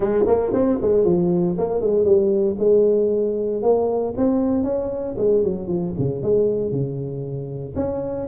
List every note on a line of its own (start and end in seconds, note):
0.00 0.24 G#3
0.26 0.52 A#3
0.53 0.79 C4
0.81 1.05 G#3
1.05 1.56 F3
1.58 1.81 A#3
1.81 2.04 G#3
2.04 2.56 G3
2.58 3.62 G#3
3.62 4.14 A#3
4.16 4.63 C4
4.63 5.15 C#4
5.17 5.43 G#3
5.43 5.67 F#3
5.67 5.93 F3
5.98 6.22 C#3
6.22 6.71 G#3
6.71 7.74 C#3
7.75 8.27 C#4